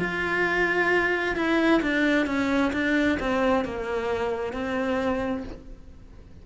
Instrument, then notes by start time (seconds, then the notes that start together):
cello
0.00 F4
1.36 E4
1.82 D4
2.27 C#4
2.73 D4
3.20 C4
3.65 A#3
4.53 C4